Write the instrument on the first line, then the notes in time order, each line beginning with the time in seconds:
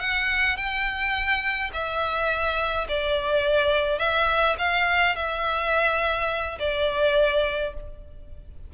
violin
0.00 F#5
0.57 G5
1.73 E5
2.89 D5
3.99 E5
4.58 F5
5.16 E5
6.59 D5